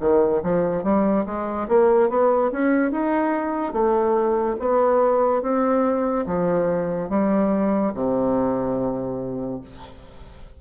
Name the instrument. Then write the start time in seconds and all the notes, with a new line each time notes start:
bassoon
0.00 D#3
0.43 F3
0.83 G3
1.26 G#3
1.69 A#3
2.10 B3
2.52 C#4
2.92 D#4
3.73 A3
4.60 B3
5.42 C4
6.27 F3
7.10 G3
7.95 C3